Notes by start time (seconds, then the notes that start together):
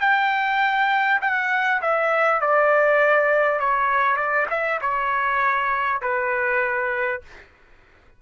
0.00 G5
1.21 F#5
1.81 E5
2.41 D5
3.59 C#5
4.16 D5
4.50 E5
4.81 C#5
6.01 B4